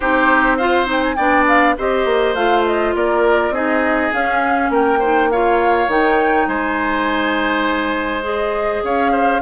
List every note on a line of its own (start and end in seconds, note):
0.00 1.18 C4
0.00 0.59 D#4
0.00 0.57 G4
0.00 0.57 C5
0.57 0.85 F4
0.57 1.15 C5
0.57 0.87 F5
0.85 1.14 D#4
0.91 1.03 G5
1.03 1.15 G#5
1.15 1.76 B3
1.15 1.77 D4
1.15 1.75 D5
1.15 1.44 G5
1.47 1.77 F5
1.77 2.05 C4
1.77 2.36 G4
1.77 2.95 C5
1.77 2.35 D#5
2.05 2.34 A#3
2.34 2.93 A3
2.34 3.53 F4
2.34 2.64 F5
2.65 2.95 D#5
2.95 3.50 A#3
2.95 3.53 A#4
2.95 3.53 D5
3.50 4.09 C4
3.50 4.12 D#4
3.50 4.71 G#4
3.50 4.12 D#5
4.12 5.00 C#4
4.12 4.69 C#4
4.12 4.71 F5
4.69 5.87 A#3
4.69 4.99 A#4
4.69 5.30 G5
4.99 5.30 D#4
4.99 5.28 C5
5.30 5.88 F4
5.30 6.47 C#5
5.30 5.89 F5
5.87 6.46 D#3
5.87 8.22 D#4
5.87 6.47 G5
6.47 8.82 G#3
6.47 8.83 C5
6.47 8.24 G#5
8.22 9.39 G#4
8.22 8.83 D#5
8.83 9.41 C#4
8.83 9.11 C#5
8.83 9.41 F5
9.11 9.40 C5